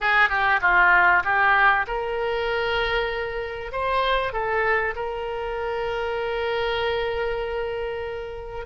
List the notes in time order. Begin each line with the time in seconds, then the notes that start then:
0.00 G#4
0.29 G4
0.61 F4
1.24 G4
1.87 A#4
3.72 C5
4.32 A4
4.95 A#4